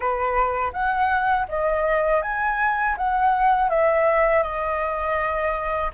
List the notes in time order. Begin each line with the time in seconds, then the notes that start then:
0.00 B4
0.72 F#5
1.48 D#5
2.22 G#5
2.97 F#5
3.69 E5
4.42 D#5